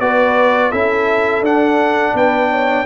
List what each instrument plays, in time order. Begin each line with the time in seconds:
0.00 tuba B3, trombone F#4, horn B4, trumpet D5
0.72 tuba C#4, trombone E4, horn A4, trumpet E5
1.42 tuba D4, trombone D4, trumpet F#5
2.14 tuba B3, horn B4, trumpet G5
2.50 horn C#5